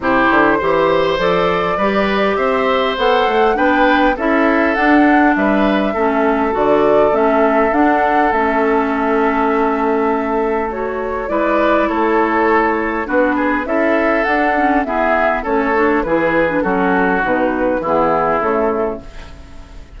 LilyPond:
<<
  \new Staff \with { instrumentName = "flute" } { \time 4/4 \tempo 4 = 101 c''2 d''2 | e''4 fis''4 g''4 e''4 | fis''4 e''2 d''4 | e''4 fis''4 e''2~ |
e''2 cis''4 d''4 | cis''2 b'4 e''4 | fis''4 e''4 cis''4 b'4 | a'4 b'4 gis'4 a'4 | }
  \new Staff \with { instrumentName = "oboe" } { \time 4/4 g'4 c''2 b'4 | c''2 b'4 a'4~ | a'4 b'4 a'2~ | a'1~ |
a'2. b'4 | a'2 fis'8 gis'8 a'4~ | a'4 gis'4 a'4 gis'4 | fis'2 e'2 | }
  \new Staff \with { instrumentName = "clarinet" } { \time 4/4 e'4 g'4 a'4 g'4~ | g'4 a'4 d'4 e'4 | d'2 cis'4 fis'4 | cis'4 d'4 cis'2~ |
cis'2 fis'4 e'4~ | e'2 d'4 e'4 | d'8 cis'8 b4 cis'8 d'8 e'8. d'16 | cis'4 dis'4 b4 a4 | }
  \new Staff \with { instrumentName = "bassoon" } { \time 4/4 c8 d8 e4 f4 g4 | c'4 b8 a8 b4 cis'4 | d'4 g4 a4 d4 | a4 d'4 a2~ |
a2. gis4 | a2 b4 cis'4 | d'4 e'4 a4 e4 | fis4 b,4 e4 cis4 | }
>>